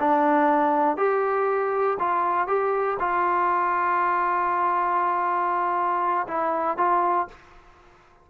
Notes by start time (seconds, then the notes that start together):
0.00 D4
0.97 G4
2.00 F4
2.48 G4
3.00 F4
6.28 E4
6.77 F4